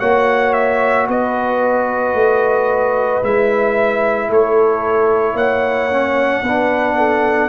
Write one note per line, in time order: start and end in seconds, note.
0.00 1.09 A#3
0.00 3.23 F#4
0.00 1.07 C#5
0.00 0.54 F#5
0.54 1.07 E5
1.08 2.15 B3
1.08 4.30 B4
1.08 3.24 D#5
2.15 3.22 A3
3.23 4.29 G#3
3.23 5.91 E4
3.23 4.31 E5
4.29 5.34 A3
4.29 5.35 A4
4.29 5.37 C#5
5.34 6.42 A#3
5.34 6.43 C#5
5.34 7.49 F#5
5.91 6.45 C#4
6.43 7.49 B3
6.43 7.49 D4
6.43 6.97 B4
6.97 7.49 A4